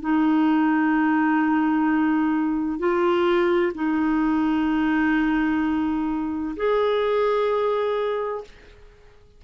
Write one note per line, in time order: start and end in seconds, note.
0.00 2.78 D#4
2.78 3.72 F4
3.74 6.55 D#4
6.56 8.44 G#4